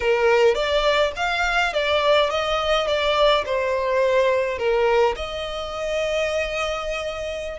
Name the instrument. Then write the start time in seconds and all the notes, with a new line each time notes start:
violin
0.00 A#4
0.54 D5
1.16 F5
1.73 D5
2.30 D#5
2.87 D5
3.45 C5
4.58 A#4
5.16 D#5